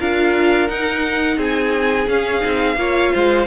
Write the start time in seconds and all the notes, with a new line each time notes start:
0.00 D4 F4 A#4 F5
0.68 D#4 F#5
1.37 C4 G#4 G#5
2.08 C#4 F5
2.41 C4 D#4
2.76 A#3 F4 C#5
3.13 G#3 C5